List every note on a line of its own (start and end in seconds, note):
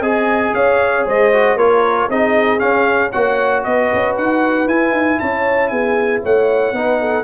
0.00 0.52 C4
0.00 1.32 G#4
0.00 0.53 D#5
0.00 0.54 G#5
0.54 1.05 C#4
0.54 1.06 C#5
0.54 1.06 F5
1.06 1.56 G#3
1.06 1.56 C5
1.06 1.58 D#5
1.33 1.58 F#4
1.56 2.08 A#3
1.56 2.10 F4
1.56 2.08 A#4
1.56 2.09 C#5
2.09 2.60 C4
2.09 2.59 D#4
2.09 3.11 G#4
2.09 2.59 D#5
2.59 3.11 C#4
2.59 3.13 C#4
2.59 3.11 F5
3.11 3.65 A#3
3.11 4.68 F#4
3.11 3.63 C#5
3.11 3.63 F#5
3.63 3.91 B3
3.63 5.20 B4
3.63 4.15 D#5
3.94 4.17 C#4
4.17 4.67 D#4
4.17 4.68 F#5
4.67 4.92 E4
4.67 6.75 E4
4.67 5.19 G#5
4.92 5.18 D#4
5.19 5.71 C#4
5.19 5.71 C#5
5.19 5.68 A5
5.68 6.23 B3
5.68 6.23 G#4
5.68 6.20 G#5
6.23 6.72 A3
6.23 6.73 C#5
6.23 7.24 F#5
6.72 7.24 B3
6.72 7.24 D#4
6.72 6.99 B4
7.00 7.24 A4